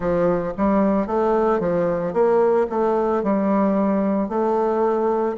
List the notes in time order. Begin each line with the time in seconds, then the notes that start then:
0.00 F3
0.56 G3
1.06 A3
1.59 F3
2.13 A#3
2.69 A3
3.23 G3
4.29 A3